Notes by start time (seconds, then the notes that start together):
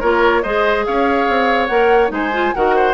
0.00 A#3 F4 A#4 C#5
0.42 G#3 G#4 C5 D#5
0.85 C#4 C#5 F5
1.28 C4
1.67 A#3 A#4 F#5
2.08 G#3 D#4 C5 G#5
2.32 F4
2.54 D#3 F#4 A#4 F#5
2.75 C5